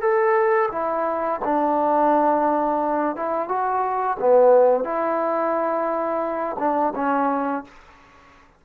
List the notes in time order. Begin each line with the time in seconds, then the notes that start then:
0.00 A4
0.71 E4
1.44 D4
3.16 E4
3.48 F#4
4.19 B3
4.84 E4
6.59 D4
6.95 C#4